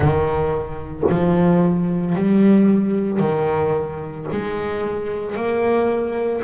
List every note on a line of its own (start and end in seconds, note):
0.00 1.03 D#3
1.09 2.15 F3
2.15 3.19 G3
3.19 4.26 D#3
4.31 5.35 G#3
5.35 6.42 A#3